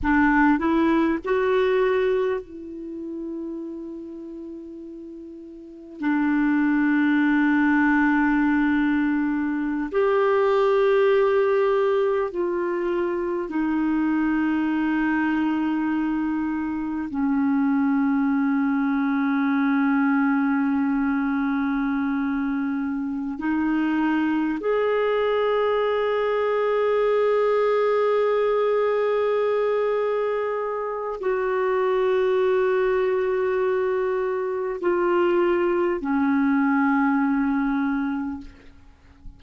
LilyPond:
\new Staff \with { instrumentName = "clarinet" } { \time 4/4 \tempo 4 = 50 d'8 e'8 fis'4 e'2~ | e'4 d'2.~ | d'16 g'2 f'4 dis'8.~ | dis'2~ dis'16 cis'4.~ cis'16~ |
cis'2.~ cis'8 dis'8~ | dis'8 gis'2.~ gis'8~ | gis'2 fis'2~ | fis'4 f'4 cis'2 | }